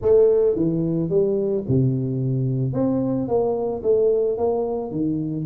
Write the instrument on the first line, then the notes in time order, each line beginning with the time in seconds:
tuba
0.01 A3
0.55 E3
1.09 G3
1.68 C3
2.73 C4
3.28 A#3
3.83 A3
4.37 A#3
4.91 D#3